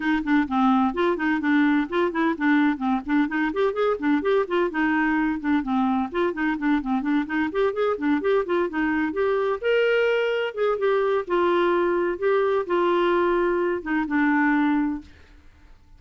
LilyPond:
\new Staff \with { instrumentName = "clarinet" } { \time 4/4 \tempo 4 = 128 dis'8 d'8 c'4 f'8 dis'8 d'4 | f'8 e'8 d'4 c'8 d'8 dis'8 g'8 | gis'8 d'8 g'8 f'8 dis'4. d'8 | c'4 f'8 dis'8 d'8 c'8 d'8 dis'8 |
g'8 gis'8 d'8 g'8 f'8 dis'4 g'8~ | g'8 ais'2 gis'8 g'4 | f'2 g'4 f'4~ | f'4. dis'8 d'2 | }